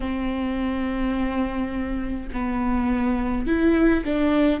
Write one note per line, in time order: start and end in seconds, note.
0.00 2.29 C4
2.32 3.46 B3
3.46 4.04 E4
4.04 4.60 D4